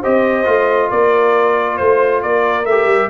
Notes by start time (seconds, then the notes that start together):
0.00 C4 G4 C5 D#5
0.44 A3 F4
0.89 A#3 A#4 D5
1.77 A3 C5
2.22 A#3 A#4 D5
2.65 A3 G4 E5
2.86 G3